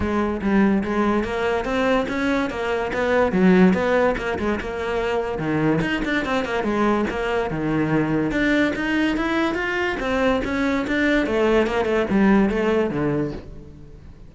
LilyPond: \new Staff \with { instrumentName = "cello" } { \time 4/4 \tempo 4 = 144 gis4 g4 gis4 ais4 | c'4 cis'4 ais4 b4 | fis4 b4 ais8 gis8 ais4~ | ais4 dis4 dis'8 d'8 c'8 ais8 |
gis4 ais4 dis2 | d'4 dis'4 e'4 f'4 | c'4 cis'4 d'4 a4 | ais8 a8 g4 a4 d4 | }